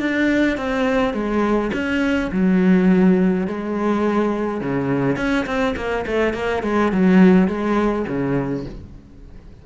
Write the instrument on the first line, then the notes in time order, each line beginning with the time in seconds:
cello
0.00 D4
0.57 C4
1.14 G#3
1.73 C#4
2.32 F#3
3.48 G#3
4.61 C#3
5.17 C#4
5.46 C4
5.76 A#3
6.07 A3
6.34 A#3
6.63 G#3
6.92 F#3
7.48 G#3
8.08 C#3